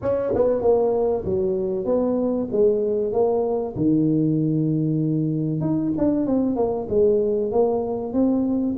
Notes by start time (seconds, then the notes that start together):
0.01 C#4
0.34 B3
0.61 A#3
1.24 F#3
1.85 B3
2.51 G#3
3.12 A#3
3.76 D#3
5.61 D#4
5.97 D4
6.26 C4
6.56 A#3
6.89 G#3
7.51 A#3
8.13 C4